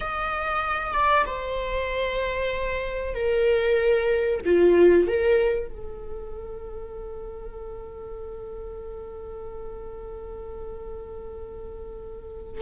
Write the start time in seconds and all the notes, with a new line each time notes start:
0.00 D#5
0.93 D5
1.26 C5
3.14 A#4
4.45 F4
5.07 A#4
5.68 A4